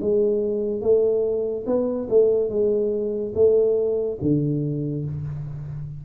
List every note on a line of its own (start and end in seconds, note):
0.00 0.81 G#3
0.81 1.64 A3
1.66 2.08 B3
2.09 2.49 A3
2.49 3.32 G#3
3.34 4.17 A3
4.21 5.05 D3